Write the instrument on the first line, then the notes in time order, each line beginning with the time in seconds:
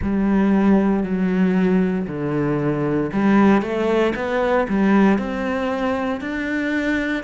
cello
0.01 G3
1.03 F#3
2.07 D3
3.12 G3
3.62 A3
4.15 B3
4.68 G3
5.18 C4
6.20 D4